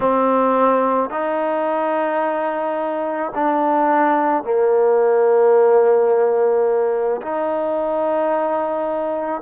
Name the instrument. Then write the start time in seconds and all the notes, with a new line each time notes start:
trombone
0.00 C4
1.10 D#4
3.34 D4
4.43 A#3
7.21 D#4